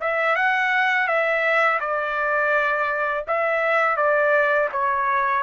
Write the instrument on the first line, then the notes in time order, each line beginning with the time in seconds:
trumpet
0.00 E5
0.35 F#5
1.07 E5
1.80 D5
3.27 E5
3.96 D5
4.72 C#5